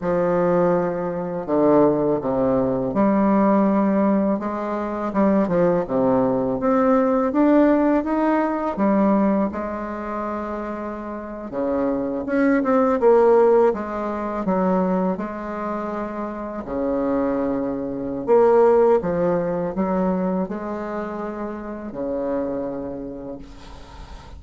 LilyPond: \new Staff \with { instrumentName = "bassoon" } { \time 4/4 \tempo 4 = 82 f2 d4 c4 | g2 gis4 g8 f8 | c4 c'4 d'4 dis'4 | g4 gis2~ gis8. cis16~ |
cis8. cis'8 c'8 ais4 gis4 fis16~ | fis8. gis2 cis4~ cis16~ | cis4 ais4 f4 fis4 | gis2 cis2 | }